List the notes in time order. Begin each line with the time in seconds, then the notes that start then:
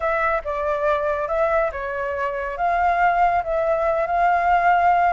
0.00 E5
0.44 D5
1.28 E5
1.72 C#5
2.57 F5
3.43 E5
4.06 F5